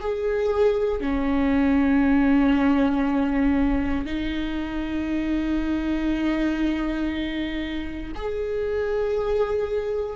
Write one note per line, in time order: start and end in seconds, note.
0.00 1.00 G#4
1.00 4.05 C#4
4.05 8.12 D#4
8.15 10.16 G#4